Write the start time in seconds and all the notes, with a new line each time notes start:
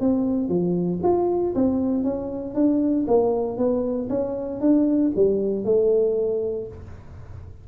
0.00 C4
0.48 F3
1.03 F4
1.55 C4
2.04 C#4
2.55 D4
3.07 A#3
3.57 B3
4.09 C#4
4.60 D4
5.16 G3
5.65 A3